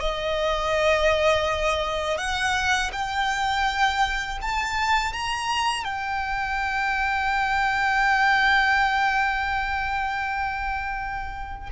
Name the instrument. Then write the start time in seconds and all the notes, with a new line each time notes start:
violin
0.00 D#5
2.18 F#5
2.92 G5
4.42 A5
5.13 A#5
5.84 G5